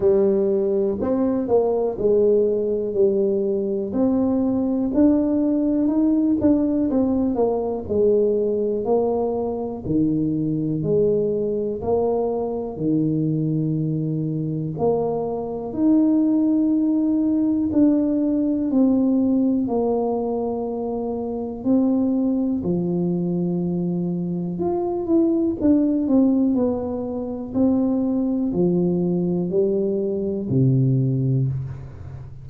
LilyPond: \new Staff \with { instrumentName = "tuba" } { \time 4/4 \tempo 4 = 61 g4 c'8 ais8 gis4 g4 | c'4 d'4 dis'8 d'8 c'8 ais8 | gis4 ais4 dis4 gis4 | ais4 dis2 ais4 |
dis'2 d'4 c'4 | ais2 c'4 f4~ | f4 f'8 e'8 d'8 c'8 b4 | c'4 f4 g4 c4 | }